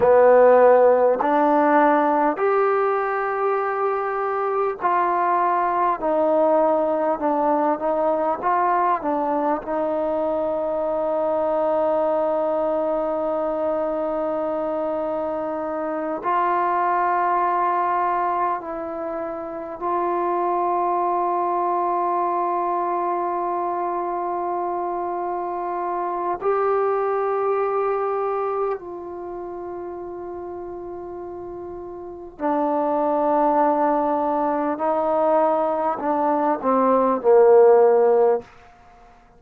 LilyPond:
\new Staff \with { instrumentName = "trombone" } { \time 4/4 \tempo 4 = 50 b4 d'4 g'2 | f'4 dis'4 d'8 dis'8 f'8 d'8 | dis'1~ | dis'4. f'2 e'8~ |
e'8 f'2.~ f'8~ | f'2 g'2 | f'2. d'4~ | d'4 dis'4 d'8 c'8 ais4 | }